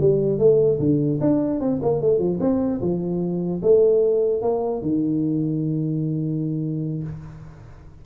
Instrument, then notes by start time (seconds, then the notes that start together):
tuba
0.00 G3
0.39 A3
0.80 D3
1.21 D4
1.61 C4
1.82 A#3
2.02 A3
2.19 F3
2.41 C4
2.81 F3
3.63 A3
4.42 A#3
4.82 D#3